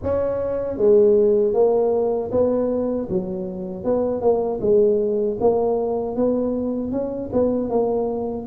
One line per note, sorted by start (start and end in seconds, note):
0.02 0.77 C#4
0.77 1.53 G#3
1.53 2.30 A#3
2.31 3.08 B3
3.09 3.84 F#3
3.84 4.21 B3
4.21 4.59 A#3
4.60 5.37 G#3
5.40 6.15 A#3
6.15 6.91 B3
6.91 7.30 C#4
7.33 7.69 B3
7.69 8.46 A#3